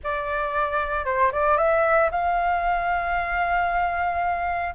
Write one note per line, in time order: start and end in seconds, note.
0.03 1.05 D5
1.05 1.31 C5
1.32 1.57 D5
1.57 2.10 E5
2.11 4.74 F5